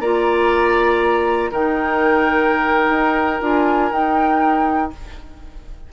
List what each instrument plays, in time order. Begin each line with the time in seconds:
0.00 bassoon A#3, clarinet F4, oboe D5, flute A#5
1.51 bassoon D#3, clarinet D#4, oboe A#4, flute G5
2.89 bassoon D#4
3.41 bassoon D4, clarinet F4, flute G#5
3.91 clarinet D#4, bassoon D#4, flute G5